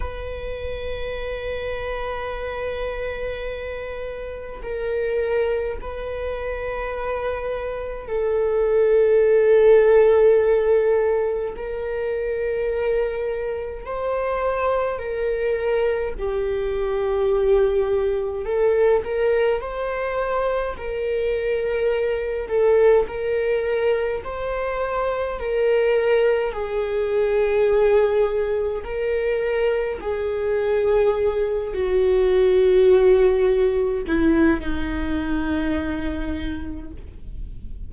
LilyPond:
\new Staff \with { instrumentName = "viola" } { \time 4/4 \tempo 4 = 52 b'1 | ais'4 b'2 a'4~ | a'2 ais'2 | c''4 ais'4 g'2 |
a'8 ais'8 c''4 ais'4. a'8 | ais'4 c''4 ais'4 gis'4~ | gis'4 ais'4 gis'4. fis'8~ | fis'4. e'8 dis'2 | }